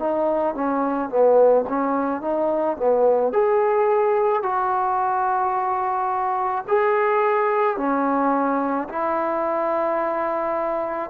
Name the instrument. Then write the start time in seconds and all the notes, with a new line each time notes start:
trombone
0.00 D#4
0.55 C#4
1.10 B3
1.69 C#4
2.22 D#4
2.78 B3
3.33 G#4
4.43 F#4
6.68 G#4
7.77 C#4
8.89 E4